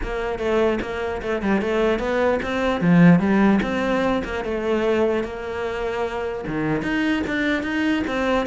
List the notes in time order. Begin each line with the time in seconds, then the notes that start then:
0.03 A#3
0.38 A3
0.81 A#3
1.22 A3
1.42 G3
1.61 A3
1.99 B3
2.42 C4
2.80 F3
3.19 G3
3.62 C4
4.24 A#3
4.44 A3
5.23 A#3
6.47 D#3
6.82 D#4
7.27 D4
7.63 D#4
8.07 C4